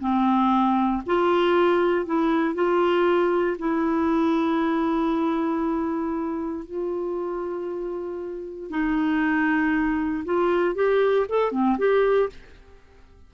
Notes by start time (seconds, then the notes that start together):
0.00 C4
1.06 F4
2.06 E4
2.54 F4
3.58 E4
6.65 F4
8.70 D#4
10.25 F4
10.75 G4
11.29 A4
11.52 C4
11.78 G4